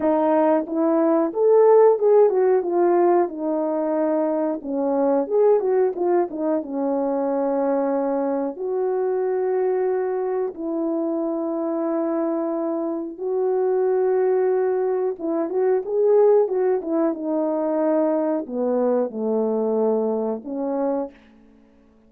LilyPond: \new Staff \with { instrumentName = "horn" } { \time 4/4 \tempo 4 = 91 dis'4 e'4 a'4 gis'8 fis'8 | f'4 dis'2 cis'4 | gis'8 fis'8 f'8 dis'8 cis'2~ | cis'4 fis'2. |
e'1 | fis'2. e'8 fis'8 | gis'4 fis'8 e'8 dis'2 | b4 a2 cis'4 | }